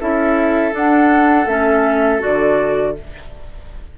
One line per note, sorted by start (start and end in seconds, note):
0.00 0.73 C#4
0.00 0.72 E4
0.00 2.96 A4
0.00 0.74 E5
0.72 1.46 D4
0.72 1.47 F#5
1.46 2.20 A3
1.46 2.19 C#4
1.46 2.21 E5
2.19 2.98 D3
2.19 2.93 F#4
2.19 2.96 D5